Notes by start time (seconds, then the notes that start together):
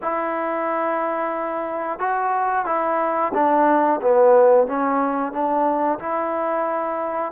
0.02 E4
1.99 F#4
2.65 E4
3.33 D4
4.01 B3
4.67 C#4
5.32 D4
5.99 E4